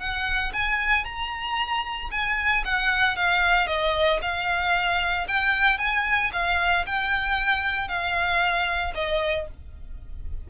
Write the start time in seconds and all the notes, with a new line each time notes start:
0.00 F#5
0.53 G#5
1.05 A#5
2.11 G#5
2.65 F#5
3.17 F5
3.67 D#5
4.22 F5
5.28 G5
5.79 G#5
6.33 F5
6.87 G5
7.89 F5
8.95 D#5